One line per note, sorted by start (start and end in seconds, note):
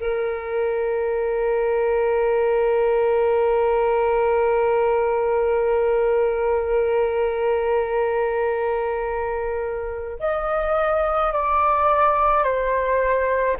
0.00 10.19 A#4
10.19 11.33 D#5
11.33 12.44 D5
12.44 13.57 C5